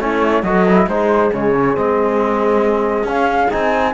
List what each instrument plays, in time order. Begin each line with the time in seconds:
0.00 cello A3, trombone C#4, horn E4, flute C#5
0.43 cello F#3, trombone F#4, horn A4, flute D#5
0.68 trombone E4
0.87 cello G#3, trombone D#4, horn G#4, flute C5
1.33 cello C#3, trombone G#3, flute C#5
1.54 trombone C#4
1.75 cello G#3, trombone C4, flute D#5
3.04 cello C#4, trombone C#4, flute F5
3.50 cello C4, trombone D#4, flute G#5